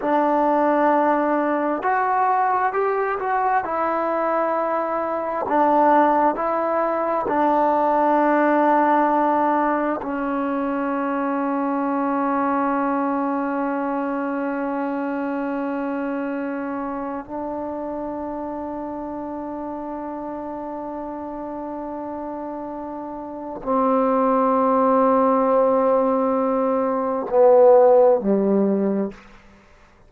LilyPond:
\new Staff \with { instrumentName = "trombone" } { \time 4/4 \tempo 4 = 66 d'2 fis'4 g'8 fis'8 | e'2 d'4 e'4 | d'2. cis'4~ | cis'1~ |
cis'2. d'4~ | d'1~ | d'2 c'2~ | c'2 b4 g4 | }